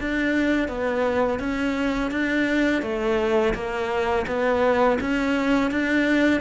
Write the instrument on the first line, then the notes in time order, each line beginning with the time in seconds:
cello
0.00 D4
0.68 B3
1.39 C#4
2.11 D4
2.82 A3
3.54 A#3
4.27 B3
5.00 C#4
5.71 D4